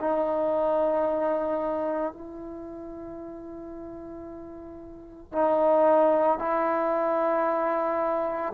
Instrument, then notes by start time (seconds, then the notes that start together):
trombone
0.00 D#4
2.13 E4
5.32 D#4
6.39 E4